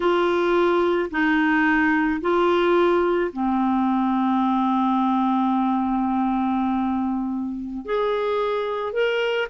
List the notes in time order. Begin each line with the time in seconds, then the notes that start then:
0.00 F4
1.10 D#4
2.21 F4
3.32 C4
7.85 G#4
8.92 A#4